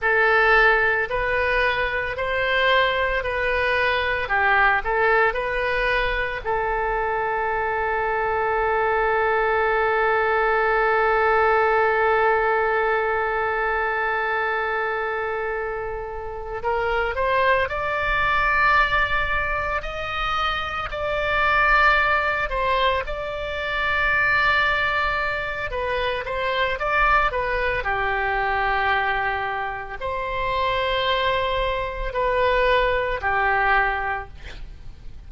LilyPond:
\new Staff \with { instrumentName = "oboe" } { \time 4/4 \tempo 4 = 56 a'4 b'4 c''4 b'4 | g'8 a'8 b'4 a'2~ | a'1~ | a'2.~ a'8 ais'8 |
c''8 d''2 dis''4 d''8~ | d''4 c''8 d''2~ d''8 | b'8 c''8 d''8 b'8 g'2 | c''2 b'4 g'4 | }